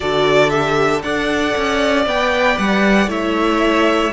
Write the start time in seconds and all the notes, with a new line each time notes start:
0.00 D3 F#4 A4 D5
0.49 G4 E5
1.02 D4 A4 D5 F#5
1.56 C#4
2.06 B3 B4 G5
2.58 G3 F#5
3.06 A3 E4 C#5 E5